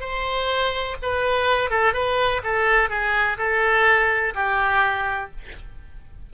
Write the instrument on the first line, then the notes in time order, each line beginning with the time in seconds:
oboe
0.00 C5
1.02 B4
1.70 A4
1.93 B4
2.43 A4
2.89 G#4
3.37 A4
4.34 G4